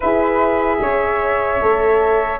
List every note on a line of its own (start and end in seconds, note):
0.00 0.80 E4
0.00 1.61 G#4
0.00 0.77 B4
0.00 2.39 E5
0.80 1.60 C#4
0.80 2.39 C#5
1.61 2.39 A3
1.61 2.39 A4